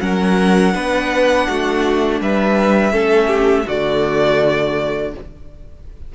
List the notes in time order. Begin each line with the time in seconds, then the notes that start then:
0.00 F#3 C#4 A#4 F#5
0.73 B3 D4 B4
1.48 A3 F#4
2.20 G3 B4 E5
2.92 A3 C#4 A4
3.28 G4
3.66 D3 A3 F#4 D5